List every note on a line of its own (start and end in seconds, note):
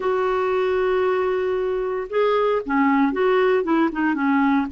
0.00 2.07 F#4
2.09 2.62 G#4
2.65 3.12 C#4
3.12 3.63 F#4
3.63 3.89 E4
3.92 4.14 D#4
4.14 4.66 C#4